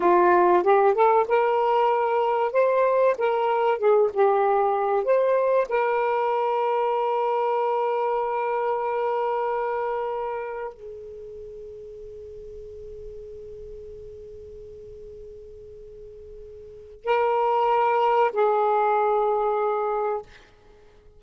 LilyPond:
\new Staff \with { instrumentName = "saxophone" } { \time 4/4 \tempo 4 = 95 f'4 g'8 a'8 ais'2 | c''4 ais'4 gis'8 g'4. | c''4 ais'2.~ | ais'1~ |
ais'4 gis'2.~ | gis'1~ | gis'2. ais'4~ | ais'4 gis'2. | }